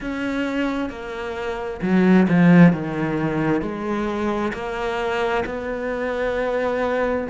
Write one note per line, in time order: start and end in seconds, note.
0.00 0.89 C#4
0.89 1.80 A#3
1.81 2.27 F#3
2.28 2.73 F3
2.73 3.61 D#3
3.61 4.52 G#3
4.52 5.43 A#3
5.45 7.27 B3